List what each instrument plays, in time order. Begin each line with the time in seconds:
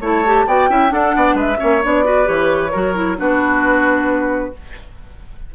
0.00 bassoon A3, clarinet E4, oboe C#5, flute A5
0.25 clarinet G4
0.46 bassoon B3, clarinet F#4, oboe D5, flute G5
0.69 bassoon C#4, clarinet E4, oboe E5
0.88 clarinet D4, bassoon D4, oboe A4, flute F#5
1.15 bassoon B3, oboe D5
1.34 bassoon G#3, oboe B4, flute E5
1.57 bassoon A#3, clarinet C#4, oboe C#5
1.83 bassoon B3, clarinet D4, flute D5
2.04 clarinet F#4, oboe B4
2.24 bassoon E3, clarinet G4, flute C#5
2.71 bassoon F#3, clarinet F#4, oboe A#4
2.94 clarinet E4
3.17 bassoon B3, clarinet D4, oboe F#4, flute B4